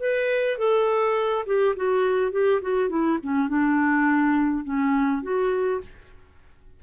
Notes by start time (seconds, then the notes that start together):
0.00 B4
0.58 A4
1.46 G4
1.76 F#4
2.32 G4
2.62 F#4
2.89 E4
3.23 C#4
3.49 D4
4.64 C#4
5.23 F#4